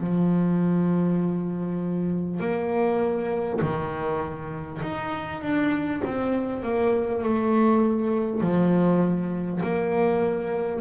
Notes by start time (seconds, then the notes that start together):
0.00 F3
2.41 A#3
3.62 D#3
4.83 D#4
5.42 D4
6.05 C4
6.63 A#3
7.23 A3
8.41 F3
9.63 A#3